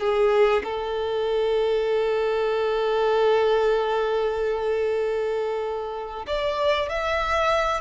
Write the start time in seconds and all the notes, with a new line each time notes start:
0.00 G#4
0.64 A4
6.27 D5
6.89 E5